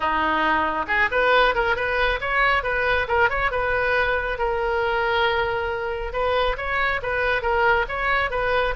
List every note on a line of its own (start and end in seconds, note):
0.00 0.86 D#4
0.87 1.09 G#4
1.11 1.54 B4
1.54 1.75 A#4
1.75 2.19 B4
2.20 2.63 C#5
2.63 3.07 B4
3.08 3.29 A#4
3.29 3.51 C#5
3.51 4.38 B4
4.38 6.12 A#4
6.12 6.56 B4
6.57 7.01 C#5
7.02 7.42 B4
7.42 7.85 A#4
7.88 8.30 C#5
8.30 8.74 B4